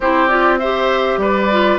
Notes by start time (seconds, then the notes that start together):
0.00 C4 E4 G4 C5
0.28 F4 D5
0.58 G4 C5 E5
1.17 G3 B4 D5
1.51 F4